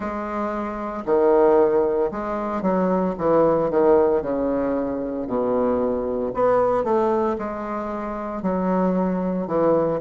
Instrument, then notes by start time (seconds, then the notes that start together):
bassoon
0.00 G#3
1.05 D#3
2.11 G#3
2.61 F#3
3.18 E3
3.70 D#3
4.22 C#3
5.27 B2
6.33 B3
6.84 A3
7.38 G#3
8.42 F#3
9.47 E3